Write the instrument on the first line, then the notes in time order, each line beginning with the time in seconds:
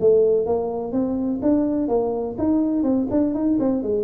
tuba
0.00 A3
0.46 A#3
0.92 C4
1.42 D4
1.88 A#3
2.38 D#4
2.83 C4
3.10 D4
3.34 D#4
3.59 C4
3.83 G#3